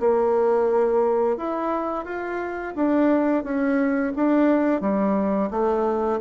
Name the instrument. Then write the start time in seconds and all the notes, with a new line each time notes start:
bassoon
0.00 A#3
1.37 E4
2.05 F4
2.75 D4
3.44 C#4
4.16 D4
4.81 G3
5.50 A3